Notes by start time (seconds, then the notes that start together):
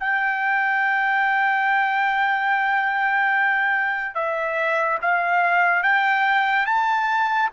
0.00 G5
4.15 E5
5.02 F5
5.83 G5
6.66 A5